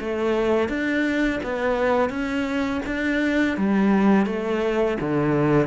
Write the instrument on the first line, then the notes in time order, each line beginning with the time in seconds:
cello
0.00 A3
0.69 D4
1.44 B3
2.10 C#4
2.86 D4
3.57 G3
4.26 A3
5.01 D3